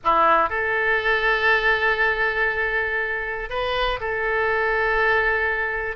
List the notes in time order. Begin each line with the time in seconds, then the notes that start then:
0.03 E4
0.49 A4
3.49 B4
4.00 A4